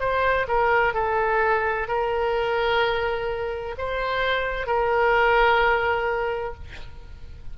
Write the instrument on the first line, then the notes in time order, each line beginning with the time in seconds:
oboe
0.00 C5
0.48 A#4
0.94 A4
1.88 A#4
3.78 C5
4.67 A#4